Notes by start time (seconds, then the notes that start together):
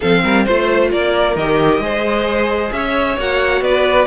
0.00 F3 C4 A4 F5
0.23 G3 A#4
0.44 A3 F4 C5
0.91 A#3 A#4 D5
1.35 D#3 G4 D#5
1.79 G#3 G#4 C5
2.71 C#4 C#5 E5
3.17 A#3 F#4 F#5
3.61 B3 B4 D5